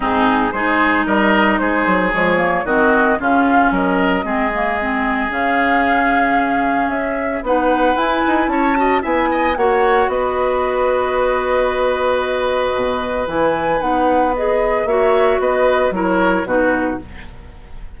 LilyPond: <<
  \new Staff \with { instrumentName = "flute" } { \time 4/4 \tempo 4 = 113 gis'4 c''4 dis''4 c''4 | cis''4 dis''4 f''4 dis''4~ | dis''2 f''2~ | f''4 e''4 fis''4 gis''4 |
a''4 gis''4 fis''4 dis''4~ | dis''1~ | dis''4 gis''4 fis''4 dis''4 | e''4 dis''4 cis''4 b'4 | }
  \new Staff \with { instrumentName = "oboe" } { \time 4/4 dis'4 gis'4 ais'4 gis'4~ | gis'4 fis'4 f'4 ais'4 | gis'1~ | gis'2 b'2 |
cis''8 dis''8 e''8 dis''8 cis''4 b'4~ | b'1~ | b'1 | cis''4 b'4 ais'4 fis'4 | }
  \new Staff \with { instrumentName = "clarinet" } { \time 4/4 c'4 dis'2. | gis8 ais8 c'4 cis'2 | c'8 ais8 c'4 cis'2~ | cis'2 dis'4 e'4~ |
e'8 fis'8 e'4 fis'2~ | fis'1~ | fis'4 e'4 dis'4 gis'4 | fis'2 e'4 dis'4 | }
  \new Staff \with { instrumentName = "bassoon" } { \time 4/4 gis,4 gis4 g4 gis8 fis8 | f4 dis4 cis4 fis4 | gis2 cis2~ | cis4 cis'4 b4 e'8 dis'8 |
cis'4 b4 ais4 b4~ | b1 | b,4 e4 b2 | ais4 b4 fis4 b,4 | }
>>